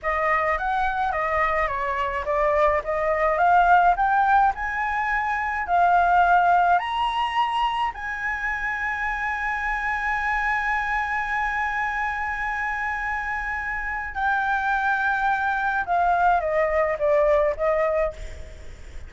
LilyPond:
\new Staff \with { instrumentName = "flute" } { \time 4/4 \tempo 4 = 106 dis''4 fis''4 dis''4 cis''4 | d''4 dis''4 f''4 g''4 | gis''2 f''2 | ais''2 gis''2~ |
gis''1~ | gis''1~ | gis''4 g''2. | f''4 dis''4 d''4 dis''4 | }